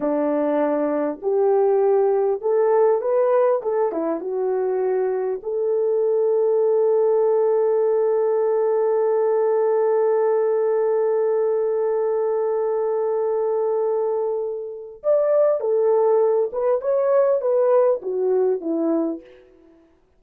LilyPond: \new Staff \with { instrumentName = "horn" } { \time 4/4 \tempo 4 = 100 d'2 g'2 | a'4 b'4 a'8 e'8 fis'4~ | fis'4 a'2.~ | a'1~ |
a'1~ | a'1~ | a'4 d''4 a'4. b'8 | cis''4 b'4 fis'4 e'4 | }